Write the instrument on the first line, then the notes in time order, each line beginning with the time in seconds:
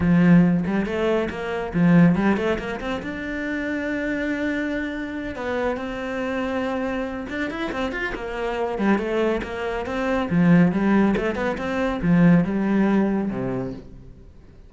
cello
0.00 F3
0.66 G3
0.86 A3
1.30 A#3
1.73 F3
2.15 G3
2.36 A3
2.58 A#3
2.80 C4
3.02 D4
5.35 B3
5.76 C4
7.29 D4
7.50 E4
7.72 C4
7.92 F4
8.14 A#3
8.78 G3
8.98 A3
9.43 A#3
9.86 C4
10.30 F3
10.71 G3
11.16 A3
11.35 B3
11.57 C4
12.02 F3
12.44 G3
13.30 C3